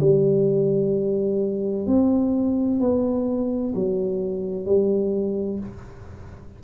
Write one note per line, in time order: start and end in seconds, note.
0.00 1.87 G3
1.87 2.80 C4
2.80 3.74 B3
3.75 4.66 F#3
4.66 5.60 G3